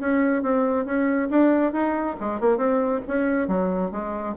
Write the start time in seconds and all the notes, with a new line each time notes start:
0.00 C#4
0.42 C4
0.85 C#4
1.30 D4
1.73 D#4
2.20 G#3
2.40 A#3
2.57 C4
3.07 C#4
3.48 F#3
3.92 G#3